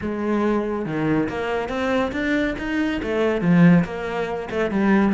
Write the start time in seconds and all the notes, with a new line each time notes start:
0.01 G#3
0.85 D#3
1.28 A#3
1.69 C4
2.12 D4
2.58 D#4
3.02 A3
3.41 F3
3.84 A#3
4.50 A3
4.70 G3